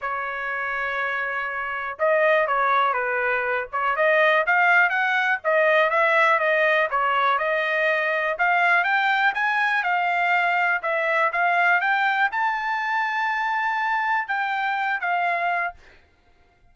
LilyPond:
\new Staff \with { instrumentName = "trumpet" } { \time 4/4 \tempo 4 = 122 cis''1 | dis''4 cis''4 b'4. cis''8 | dis''4 f''4 fis''4 dis''4 | e''4 dis''4 cis''4 dis''4~ |
dis''4 f''4 g''4 gis''4 | f''2 e''4 f''4 | g''4 a''2.~ | a''4 g''4. f''4. | }